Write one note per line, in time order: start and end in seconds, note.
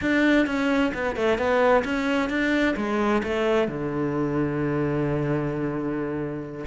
0.01 0.46 D4
0.46 0.92 C#4
0.93 1.16 B3
1.16 1.37 A3
1.37 1.83 B3
1.84 2.29 C#4
2.29 2.75 D4
2.76 3.22 G#3
3.23 3.68 A3
3.68 6.65 D3